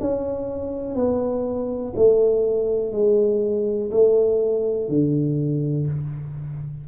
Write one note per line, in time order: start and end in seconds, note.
0.00 0.95 C#4
0.95 1.94 B3
1.96 2.92 A3
2.92 3.91 G#3
3.91 4.89 A3
4.89 5.87 D3